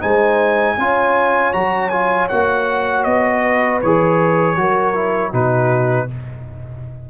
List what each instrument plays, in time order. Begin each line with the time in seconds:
0.00 tuba G#3, trombone D#4, horn C5, trumpet G#5
0.76 tuba C#4, trombone F4, horn C#5
1.53 tuba F#3, trombone F#4, trumpet A#5
1.89 trombone F4, trumpet G#5
2.28 tuba A#3, trombone F#4, trumpet F#5
3.04 tuba B3, trumpet D#5
3.41 horn B4
3.81 tuba E3, trombone G#4, trumpet C#5
4.56 tuba F#3, trombone F#4, horn A#4
4.94 trombone E4
5.31 tuba B2, trombone D#4, horn F#4, trumpet B4